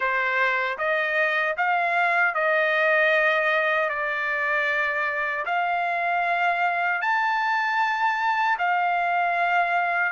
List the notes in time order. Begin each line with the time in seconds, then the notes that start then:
0.00 C5
0.78 D#5
1.57 F5
2.34 D#5
3.89 D5
5.45 F5
7.01 A5
8.58 F5